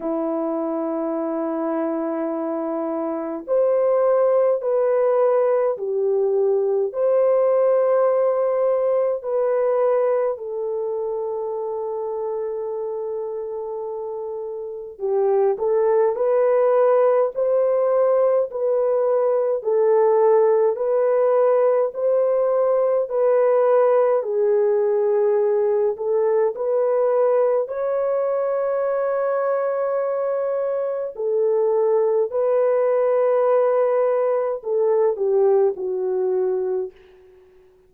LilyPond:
\new Staff \with { instrumentName = "horn" } { \time 4/4 \tempo 4 = 52 e'2. c''4 | b'4 g'4 c''2 | b'4 a'2.~ | a'4 g'8 a'8 b'4 c''4 |
b'4 a'4 b'4 c''4 | b'4 gis'4. a'8 b'4 | cis''2. a'4 | b'2 a'8 g'8 fis'4 | }